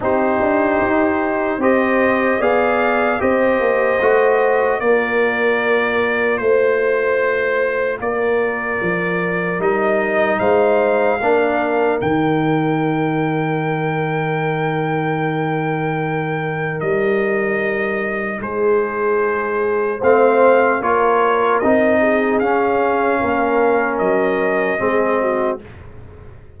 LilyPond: <<
  \new Staff \with { instrumentName = "trumpet" } { \time 4/4 \tempo 4 = 75 c''2 dis''4 f''4 | dis''2 d''2 | c''2 d''2 | dis''4 f''2 g''4~ |
g''1~ | g''4 dis''2 c''4~ | c''4 f''4 cis''4 dis''4 | f''2 dis''2 | }
  \new Staff \with { instrumentName = "horn" } { \time 4/4 g'2 c''4 d''4 | c''2 ais'2 | c''2 ais'2~ | ais'4 c''4 ais'2~ |
ais'1~ | ais'2. gis'4~ | gis'4 c''4 ais'4. gis'8~ | gis'4 ais'2 gis'8 fis'8 | }
  \new Staff \with { instrumentName = "trombone" } { \time 4/4 dis'2 g'4 gis'4 | g'4 fis'4 f'2~ | f'1 | dis'2 d'4 dis'4~ |
dis'1~ | dis'1~ | dis'4 c'4 f'4 dis'4 | cis'2. c'4 | }
  \new Staff \with { instrumentName = "tuba" } { \time 4/4 c'8 d'8 dis'4 c'4 b4 | c'8 ais8 a4 ais2 | a2 ais4 f4 | g4 gis4 ais4 dis4~ |
dis1~ | dis4 g2 gis4~ | gis4 a4 ais4 c'4 | cis'4 ais4 fis4 gis4 | }
>>